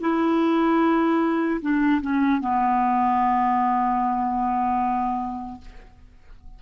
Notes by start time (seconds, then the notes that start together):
0.00 E4
1.61 D4
2.01 C#4
2.40 B3